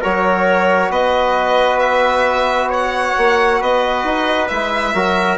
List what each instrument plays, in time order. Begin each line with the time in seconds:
0.00 bassoon F#3, trombone F#4, trumpet A#4, violin C#5
0.90 bassoon B3, trumpet B4, violin D#5
1.79 violin E5
2.69 trumpet C#5, violin F#5
3.17 bassoon A#3
3.60 bassoon B3, trumpet B4, violin D#5
4.04 bassoon D#4
4.48 bassoon G#3, trombone E4, violin E5
4.94 bassoon F#3, trombone F#4, trumpet A#4